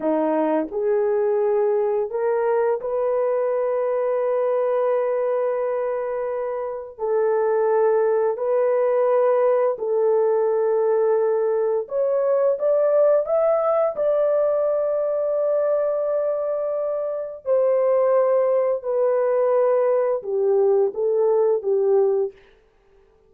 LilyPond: \new Staff \with { instrumentName = "horn" } { \time 4/4 \tempo 4 = 86 dis'4 gis'2 ais'4 | b'1~ | b'2 a'2 | b'2 a'2~ |
a'4 cis''4 d''4 e''4 | d''1~ | d''4 c''2 b'4~ | b'4 g'4 a'4 g'4 | }